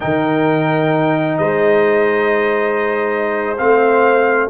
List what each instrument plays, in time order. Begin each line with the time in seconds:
0.00 tuba D#3, trombone D#4, horn A#4, trumpet G5
1.37 tuba G#3, horn C5, trumpet D#5
3.57 tuba A3, trombone C4, trumpet F5